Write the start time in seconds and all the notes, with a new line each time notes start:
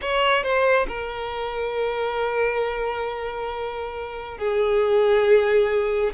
0.01 C#5
0.43 C5
0.88 A#4
4.38 G#4